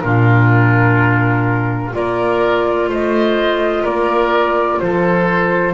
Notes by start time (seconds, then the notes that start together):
0.00 A#2 D4 F4 A#4
1.92 A#3 F4 A#4 D5
2.89 A3 C5 D#5
3.83 A#3 A#4 D5
4.80 F3 A4 C5